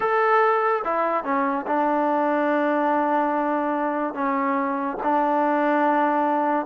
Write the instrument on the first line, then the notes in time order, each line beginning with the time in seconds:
trombone
0.00 A4
0.84 E4
1.23 C#4
1.66 D4
4.14 C#4
5.03 D4